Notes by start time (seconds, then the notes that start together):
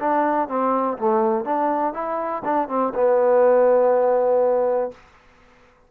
0.00 D4
0.49 C4
0.98 A3
1.45 D4
1.94 E4
2.45 D4
2.69 C4
2.95 B3